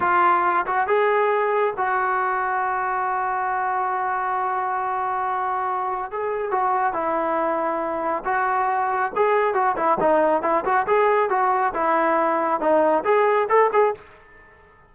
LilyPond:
\new Staff \with { instrumentName = "trombone" } { \time 4/4 \tempo 4 = 138 f'4. fis'8 gis'2 | fis'1~ | fis'1~ | fis'2 gis'4 fis'4 |
e'2. fis'4~ | fis'4 gis'4 fis'8 e'8 dis'4 | e'8 fis'8 gis'4 fis'4 e'4~ | e'4 dis'4 gis'4 a'8 gis'8 | }